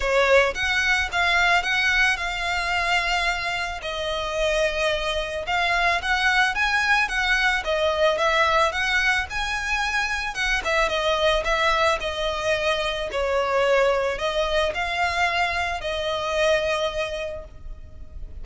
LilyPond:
\new Staff \with { instrumentName = "violin" } { \time 4/4 \tempo 4 = 110 cis''4 fis''4 f''4 fis''4 | f''2. dis''4~ | dis''2 f''4 fis''4 | gis''4 fis''4 dis''4 e''4 |
fis''4 gis''2 fis''8 e''8 | dis''4 e''4 dis''2 | cis''2 dis''4 f''4~ | f''4 dis''2. | }